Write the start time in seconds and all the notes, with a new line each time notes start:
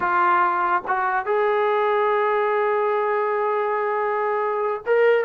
0.00 F4
0.87 F#4
1.25 G#4
4.86 A#4